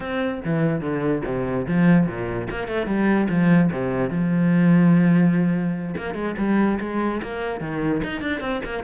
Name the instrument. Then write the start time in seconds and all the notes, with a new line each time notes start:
cello
0.00 C4
0.44 E3
0.81 D3
1.25 C3
1.67 F3
2.06 A#2
2.50 A#3
2.67 A3
2.86 G3
3.29 F3
3.72 C3
4.09 F3
5.97 A#3
6.14 G#3
6.38 G3
6.80 G#3
7.23 A#3
7.60 D#3
8.03 D#4
8.21 D4
8.40 C4
8.65 A#3